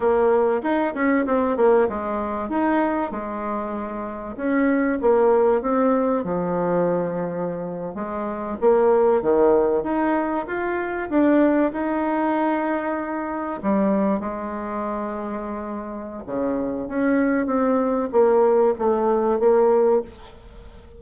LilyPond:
\new Staff \with { instrumentName = "bassoon" } { \time 4/4 \tempo 4 = 96 ais4 dis'8 cis'8 c'8 ais8 gis4 | dis'4 gis2 cis'4 | ais4 c'4 f2~ | f8. gis4 ais4 dis4 dis'16~ |
dis'8. f'4 d'4 dis'4~ dis'16~ | dis'4.~ dis'16 g4 gis4~ gis16~ | gis2 cis4 cis'4 | c'4 ais4 a4 ais4 | }